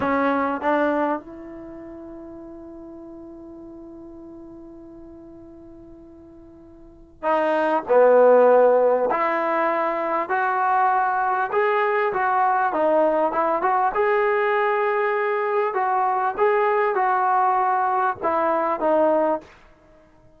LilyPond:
\new Staff \with { instrumentName = "trombone" } { \time 4/4 \tempo 4 = 99 cis'4 d'4 e'2~ | e'1~ | e'1 | dis'4 b2 e'4~ |
e'4 fis'2 gis'4 | fis'4 dis'4 e'8 fis'8 gis'4~ | gis'2 fis'4 gis'4 | fis'2 e'4 dis'4 | }